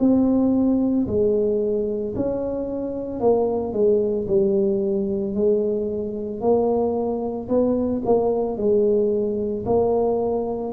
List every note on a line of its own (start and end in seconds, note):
0.00 1.07 C4
1.08 2.15 G#3
2.16 3.20 C#4
3.20 3.73 A#3
3.73 4.27 G#3
4.28 5.35 G3
5.35 6.41 G#3
6.41 7.49 A#3
7.49 8.03 B3
8.06 8.58 A#3
8.58 9.65 G#3
9.66 10.73 A#3